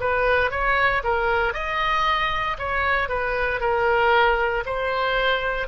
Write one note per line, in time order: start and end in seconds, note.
0.00 0.51 B4
0.51 1.03 C#5
1.04 1.54 A#4
1.54 2.58 D#5
2.59 3.09 C#5
3.09 3.61 B4
3.61 4.64 A#4
4.66 5.68 C5